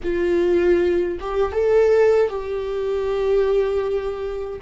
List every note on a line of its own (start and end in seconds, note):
0.03 1.18 F4
1.20 1.52 G4
1.52 2.29 A4
2.29 4.59 G4